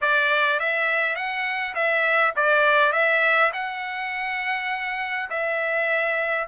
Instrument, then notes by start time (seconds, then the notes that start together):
trumpet
0.01 D5
0.59 E5
1.15 F#5
1.74 E5
2.36 D5
2.92 E5
3.53 F#5
5.29 E5